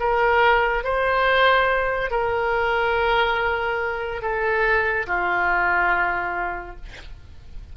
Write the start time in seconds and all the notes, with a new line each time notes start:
0.00 A#4
0.84 C5
2.11 A#4
4.22 A4
5.07 F4